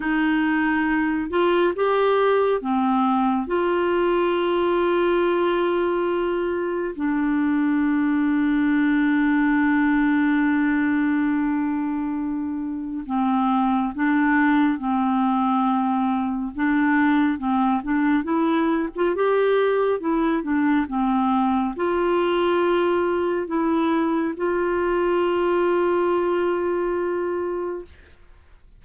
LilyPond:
\new Staff \with { instrumentName = "clarinet" } { \time 4/4 \tempo 4 = 69 dis'4. f'8 g'4 c'4 | f'1 | d'1~ | d'2. c'4 |
d'4 c'2 d'4 | c'8 d'8 e'8. f'16 g'4 e'8 d'8 | c'4 f'2 e'4 | f'1 | }